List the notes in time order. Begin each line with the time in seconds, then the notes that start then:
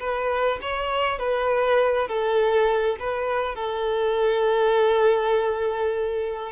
0.00 B4
0.62 C#5
1.19 B4
2.08 A4
3.00 B4
3.56 A4